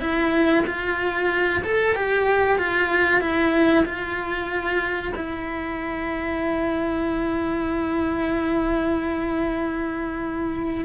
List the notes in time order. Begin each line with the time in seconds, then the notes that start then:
0.00 E4
0.66 F4
1.63 A4
1.95 G4
2.58 F4
3.21 E4
3.85 F4
5.15 E4